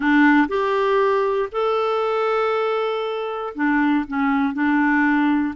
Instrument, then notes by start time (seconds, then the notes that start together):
clarinet
0.00 D4
0.48 G4
1.51 A4
3.54 D4
4.07 C#4
4.53 D4